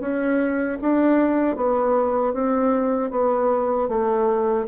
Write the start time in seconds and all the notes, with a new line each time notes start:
0.00 C#4
0.81 D4
1.56 B3
2.33 C4
3.11 B3
3.89 A3